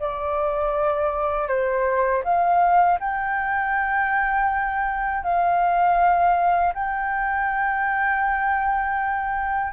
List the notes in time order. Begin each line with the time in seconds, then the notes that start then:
0.00 D5
1.48 C5
2.24 F5
3.00 G5
5.23 F5
6.74 G5